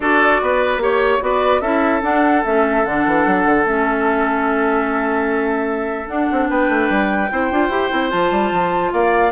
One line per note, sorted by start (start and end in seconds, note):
0.00 0.40 D4
0.00 0.80 F#4
0.00 0.41 A4
0.00 0.81 D5
0.41 0.77 B3
0.41 0.82 B4
0.77 1.17 A#3
0.77 1.20 G4
0.77 1.22 C#5
0.77 1.23 C#5
1.20 1.61 B3
1.20 1.61 F#4
1.20 1.61 B4
1.20 1.60 D5
1.60 2.01 C#4
1.60 2.01 E4
1.60 6.47 A4
1.60 2.01 E5
2.01 2.42 D4
2.01 2.43 D4
2.01 2.44 F#5
2.44 2.85 A3
2.44 2.85 C#4
2.44 2.85 E5
2.85 3.05 D3
2.85 3.65 D4
2.85 3.66 F#5
3.05 3.25 E3
3.25 3.45 F#3
3.45 3.64 D3
3.64 6.07 A3
3.64 6.07 C#4
3.64 6.08 E5
6.07 7.28 D4
6.07 6.27 D4
6.07 6.48 F#5
6.31 6.49 C4
6.49 6.69 B3
6.49 7.30 B4
6.49 8.10 G5
6.69 6.89 A3
6.89 7.30 G3
7.31 7.51 C4
7.31 7.51 E4
7.31 8.93 C5
7.51 7.68 D4
7.51 7.70 F4
7.68 7.89 E4
7.68 7.90 G4
7.90 8.12 C4
7.90 8.09 E4
8.09 8.31 F3
8.09 9.31 F4
8.09 8.91 A5
8.31 8.51 G3
8.51 8.92 F3
8.92 9.32 A#3
8.92 9.32 D5
8.92 9.32 F5